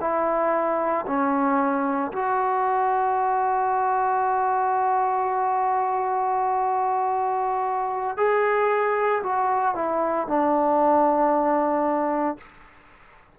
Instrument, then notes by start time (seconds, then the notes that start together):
trombone
0.00 E4
1.06 C#4
2.12 F#4
8.17 G#4
9.23 F#4
9.75 E4
10.27 D4